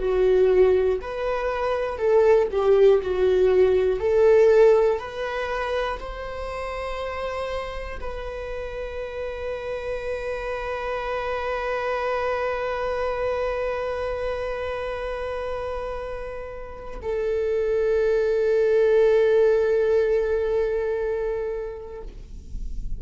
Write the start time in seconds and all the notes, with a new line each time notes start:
0.00 F#4
1.02 B4
1.99 A4
2.51 G4
3.02 F#4
4.00 A4
5.00 B4
6.00 C5
8.00 B4
17.02 A4